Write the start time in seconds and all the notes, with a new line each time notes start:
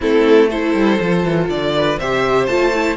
0.00 A3 C4 E4 A4
0.48 E4 A4 C5
0.73 G3
0.99 F3 F4
1.23 E3
1.48 D3 D5
1.76 B4
1.99 C3 G4 C5 E5
2.46 A3 F4 A5
2.73 E4